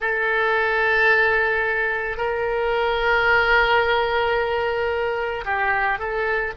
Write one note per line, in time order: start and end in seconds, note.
0.00 2.17 A4
2.17 5.44 A#4
5.44 5.99 G4
5.99 6.53 A4